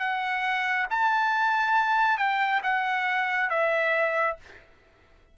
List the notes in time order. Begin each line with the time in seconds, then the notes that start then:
0.00 F#5
0.91 A5
2.18 G5
2.64 F#5
3.50 E5